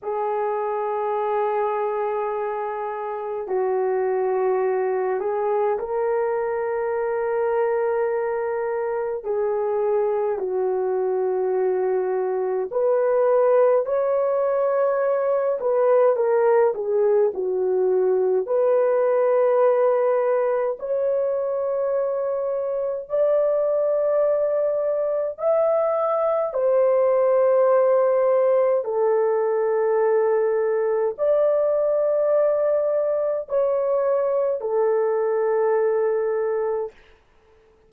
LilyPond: \new Staff \with { instrumentName = "horn" } { \time 4/4 \tempo 4 = 52 gis'2. fis'4~ | fis'8 gis'8 ais'2. | gis'4 fis'2 b'4 | cis''4. b'8 ais'8 gis'8 fis'4 |
b'2 cis''2 | d''2 e''4 c''4~ | c''4 a'2 d''4~ | d''4 cis''4 a'2 | }